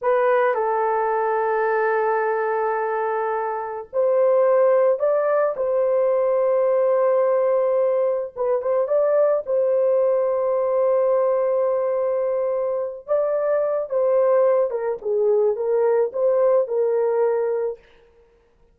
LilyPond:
\new Staff \with { instrumentName = "horn" } { \time 4/4 \tempo 4 = 108 b'4 a'2.~ | a'2. c''4~ | c''4 d''4 c''2~ | c''2. b'8 c''8 |
d''4 c''2.~ | c''2.~ c''8 d''8~ | d''4 c''4. ais'8 gis'4 | ais'4 c''4 ais'2 | }